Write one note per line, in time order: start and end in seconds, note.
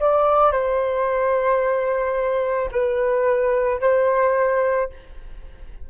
0.00 0.52 D5
0.52 2.70 C5
2.71 3.80 B4
3.81 4.90 C5